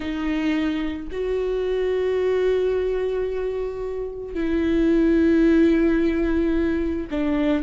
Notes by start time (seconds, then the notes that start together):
0.00 D#4
1.11 F#4
4.34 E4
7.11 D4